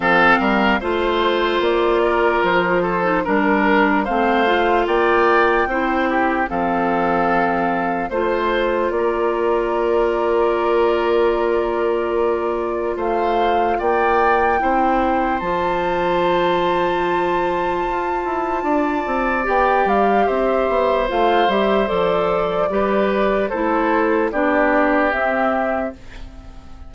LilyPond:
<<
  \new Staff \with { instrumentName = "flute" } { \time 4/4 \tempo 4 = 74 f''4 c''4 d''4 c''4 | ais'4 f''4 g''2 | f''2 c''4 d''4~ | d''1 |
f''4 g''2 a''4~ | a''1 | g''8 f''8 e''4 f''8 e''8 d''4~ | d''4 c''4 d''4 e''4 | }
  \new Staff \with { instrumentName = "oboe" } { \time 4/4 a'8 ais'8 c''4. ais'4 a'8 | ais'4 c''4 d''4 c''8 g'8 | a'2 c''4 ais'4~ | ais'1 |
c''4 d''4 c''2~ | c''2. d''4~ | d''4 c''2. | b'4 a'4 g'2 | }
  \new Staff \with { instrumentName = "clarinet" } { \time 4/4 c'4 f'2~ f'8. dis'16 | d'4 c'8 f'4. e'4 | c'2 f'2~ | f'1~ |
f'2 e'4 f'4~ | f'1 | g'2 f'8 g'8 a'4 | g'4 e'4 d'4 c'4 | }
  \new Staff \with { instrumentName = "bassoon" } { \time 4/4 f8 g8 a4 ais4 f4 | g4 a4 ais4 c'4 | f2 a4 ais4~ | ais1 |
a4 ais4 c'4 f4~ | f2 f'8 e'8 d'8 c'8 | b8 g8 c'8 b8 a8 g8 f4 | g4 a4 b4 c'4 | }
>>